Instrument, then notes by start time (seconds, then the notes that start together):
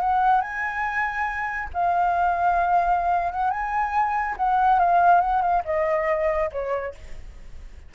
flute
0.00 F#5
0.41 G#5
1.74 F5
3.32 F#5
3.50 G#5
4.37 F#5
4.79 F5
5.21 F#5
5.41 F5
5.65 D#5
6.52 C#5